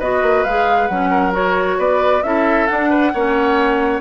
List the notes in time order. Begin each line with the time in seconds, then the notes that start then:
0.00 B3 F#4 B4 D#5
0.23 A#3
0.45 G#3 G#4 F5
0.87 F#3 C#4 F#5
1.11 A#4
1.32 F#4 C#5
1.79 B3 B4 D5
2.23 C#4 E4 A4 E5
2.67 D4 F#5
2.90 B4
3.14 A#3 C#4 C#5